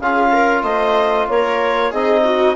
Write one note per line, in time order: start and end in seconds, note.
0.00 0.63 C#4
0.00 1.93 F4
0.00 0.32 G#4
0.00 0.63 F5
0.32 0.63 A#4
0.63 1.26 A3
0.63 1.28 C5
0.63 1.27 D#5
1.29 1.92 A#3
1.29 1.90 A#4
1.29 1.93 C#5
1.90 2.55 C4
1.90 2.55 D#4
1.90 2.22 G#4
1.90 2.55 D#5
2.25 2.55 F#4